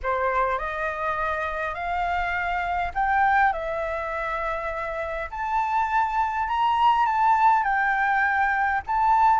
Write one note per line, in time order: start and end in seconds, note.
0.02 0.58 C5
0.58 1.74 D#5
1.74 2.91 F5
2.94 3.53 G5
3.53 5.29 E5
5.30 6.48 A5
6.48 7.06 A#5
7.06 7.63 A5
7.63 8.81 G5
8.87 9.40 A5